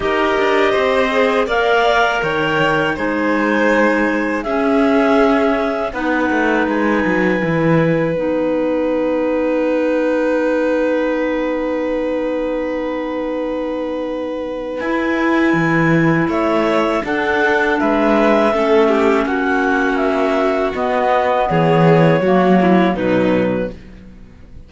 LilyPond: <<
  \new Staff \with { instrumentName = "clarinet" } { \time 4/4 \tempo 4 = 81 dis''2 f''4 g''4 | gis''2 e''2 | fis''4 gis''2 fis''4~ | fis''1~ |
fis''1 | gis''2 e''4 fis''4 | e''2 fis''4 e''4 | dis''4 cis''2 b'4 | }
  \new Staff \with { instrumentName = "violin" } { \time 4/4 ais'4 c''4 d''4 cis''4 | c''2 gis'2 | b'1~ | b'1~ |
b'1~ | b'2 cis''4 a'4 | b'4 a'8 g'8 fis'2~ | fis'4 gis'4 fis'8 e'8 dis'4 | }
  \new Staff \with { instrumentName = "clarinet" } { \time 4/4 g'4. gis'8 ais'2 | dis'2 cis'2 | dis'2 e'4 dis'4~ | dis'1~ |
dis'1 | e'2. d'4~ | d'4 cis'2. | b2 ais4 fis4 | }
  \new Staff \with { instrumentName = "cello" } { \time 4/4 dis'8 d'8 c'4 ais4 dis4 | gis2 cis'2 | b8 a8 gis8 fis8 e4 b4~ | b1~ |
b1 | e'4 e4 a4 d'4 | gis4 a4 ais2 | b4 e4 fis4 b,4 | }
>>